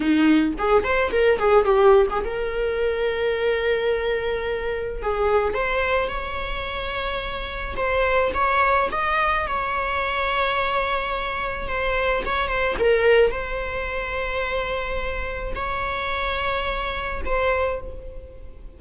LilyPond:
\new Staff \with { instrumentName = "viola" } { \time 4/4 \tempo 4 = 108 dis'4 gis'8 c''8 ais'8 gis'8 g'8. gis'16 | ais'1~ | ais'4 gis'4 c''4 cis''4~ | cis''2 c''4 cis''4 |
dis''4 cis''2.~ | cis''4 c''4 cis''8 c''8 ais'4 | c''1 | cis''2. c''4 | }